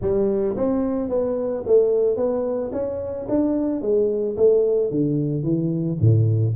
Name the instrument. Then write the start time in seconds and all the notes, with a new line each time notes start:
tuba
0.01 G3
0.56 C4
1.09 B3
1.66 A3
2.16 B3
2.72 C#4
3.29 D4
3.81 G#3
4.36 A3
4.90 D3
5.43 E3
6.00 A2